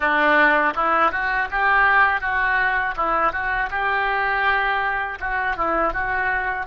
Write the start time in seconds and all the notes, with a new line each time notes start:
0.00 D4
0.75 E4
1.11 F#4
1.51 G4
2.21 F#4
2.96 E4
3.32 F#4
3.70 G4
5.20 F#4
5.56 E4
5.93 F#4